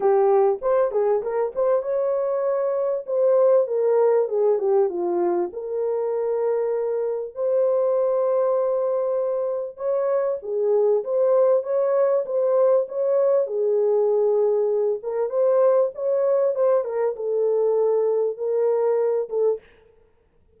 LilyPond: \new Staff \with { instrumentName = "horn" } { \time 4/4 \tempo 4 = 98 g'4 c''8 gis'8 ais'8 c''8 cis''4~ | cis''4 c''4 ais'4 gis'8 g'8 | f'4 ais'2. | c''1 |
cis''4 gis'4 c''4 cis''4 | c''4 cis''4 gis'2~ | gis'8 ais'8 c''4 cis''4 c''8 ais'8 | a'2 ais'4. a'8 | }